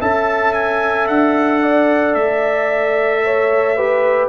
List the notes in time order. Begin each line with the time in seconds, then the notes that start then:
0.00 C#4 A4 E5 A5
0.53 G#5
1.07 D4 F#5
1.62 D5
2.14 A3 E5
3.24 C#5
3.76 G4 B4